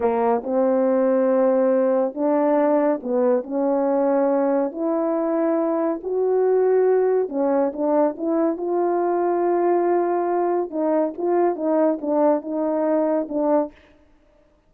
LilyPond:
\new Staff \with { instrumentName = "horn" } { \time 4/4 \tempo 4 = 140 ais4 c'2.~ | c'4 d'2 b4 | cis'2. e'4~ | e'2 fis'2~ |
fis'4 cis'4 d'4 e'4 | f'1~ | f'4 dis'4 f'4 dis'4 | d'4 dis'2 d'4 | }